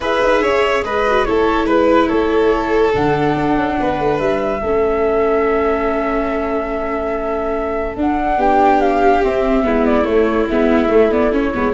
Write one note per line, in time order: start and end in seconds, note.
0.00 0.21 E4
0.00 1.06 G#4
0.00 0.42 B4
0.00 0.83 E5
0.22 0.42 D#4
0.42 0.83 C#4
0.42 0.83 C#5
0.83 1.25 G#3
0.83 1.27 B4
0.83 1.24 D#5
1.06 1.26 F#4
1.24 1.64 A3
1.24 2.93 E4
1.24 1.66 A4
1.24 1.66 C#5
1.64 2.06 G#3
1.64 2.08 B4
2.08 2.94 A3
2.08 3.76 A4
2.08 2.92 C#5
2.93 3.35 D3
2.93 4.60 D4
2.93 4.19 F#5
3.35 3.56 D4
3.56 3.77 C#4
3.80 3.99 B3
3.80 4.60 B4
3.99 4.19 A3
4.19 4.61 G3
4.19 7.96 E5
4.60 7.96 A3
4.60 7.97 C#4
4.60 8.37 A4
7.96 8.37 D4
7.96 9.23 D4
7.96 8.41 F#5
8.37 9.21 B3
8.37 9.62 G4
8.37 8.81 G5
8.81 9.23 F5
9.23 9.63 C4
9.23 9.65 C4
9.23 9.85 E5
9.63 10.06 G#3
9.63 10.04 B3
9.63 11.73 E4
9.85 10.05 D5
10.04 10.46 A3
10.04 10.47 A3
10.04 10.47 C#5
10.49 10.90 G#3
10.49 10.89 B3
10.49 11.12 E5
10.89 11.10 A3
10.89 11.53 A3
11.11 11.32 B3
11.11 11.33 D5
11.32 11.53 C#4
11.32 11.73 C#5
11.54 11.73 G#3
11.54 11.73 B3